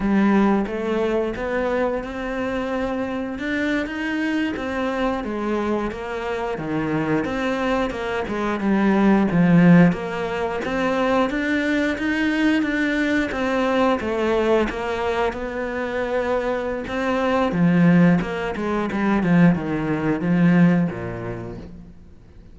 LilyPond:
\new Staff \with { instrumentName = "cello" } { \time 4/4 \tempo 4 = 89 g4 a4 b4 c'4~ | c'4 d'8. dis'4 c'4 gis16~ | gis8. ais4 dis4 c'4 ais16~ | ais16 gis8 g4 f4 ais4 c'16~ |
c'8. d'4 dis'4 d'4 c'16~ | c'8. a4 ais4 b4~ b16~ | b4 c'4 f4 ais8 gis8 | g8 f8 dis4 f4 ais,4 | }